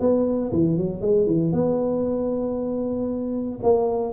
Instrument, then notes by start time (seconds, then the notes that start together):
tuba
0.00 B3
0.52 E3
0.77 F#3
1.01 G#3
1.26 E3
1.52 B3
3.63 A#3